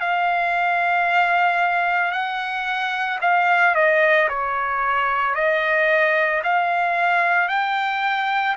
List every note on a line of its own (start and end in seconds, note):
0.00 2.12 F5
2.12 3.19 F#5
3.21 3.75 F5
3.75 4.29 D#5
4.29 5.35 C#5
5.35 6.42 D#5
6.44 7.49 F5
7.49 8.56 G5